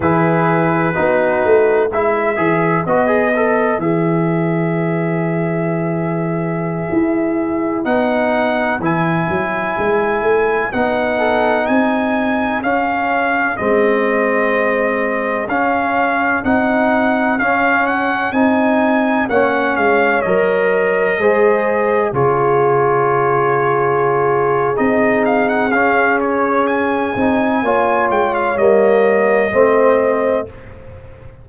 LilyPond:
<<
  \new Staff \with { instrumentName = "trumpet" } { \time 4/4 \tempo 4 = 63 b'2 e''4 dis''4 | e''1~ | e''16 fis''4 gis''2 fis''8.~ | fis''16 gis''4 f''4 dis''4.~ dis''16~ |
dis''16 f''4 fis''4 f''8 fis''8 gis''8.~ | gis''16 fis''8 f''8 dis''2 cis''8.~ | cis''2 dis''8 f''16 fis''16 f''8 cis''8 | gis''4. g''16 f''16 dis''2 | }
  \new Staff \with { instrumentName = "horn" } { \time 4/4 gis'4 fis'4 b'2~ | b'1~ | b'2.~ b'8. a'16~ | a'16 gis'2.~ gis'8.~ |
gis'1~ | gis'16 cis''2 c''4 gis'8.~ | gis'1~ | gis'4 cis''2 c''4 | }
  \new Staff \with { instrumentName = "trombone" } { \time 4/4 e'4 dis'4 e'8 gis'8 fis'16 gis'16 a'8 | gis'1~ | gis'16 dis'4 e'2 dis'8.~ | dis'4~ dis'16 cis'4 c'4.~ c'16~ |
c'16 cis'4 dis'4 cis'4 dis'8.~ | dis'16 cis'4 ais'4 gis'4 f'8.~ | f'2 dis'4 cis'4~ | cis'8 dis'8 f'4 ais4 c'4 | }
  \new Staff \with { instrumentName = "tuba" } { \time 4/4 e4 b8 a8 gis8 e8 b4 | e2.~ e16 e'8.~ | e'16 b4 e8 fis8 gis8 a8 b8.~ | b16 c'4 cis'4 gis4.~ gis16~ |
gis16 cis'4 c'4 cis'4 c'8.~ | c'16 ais8 gis8 fis4 gis4 cis8.~ | cis2 c'4 cis'4~ | cis'8 c'8 ais8 gis8 g4 a4 | }
>>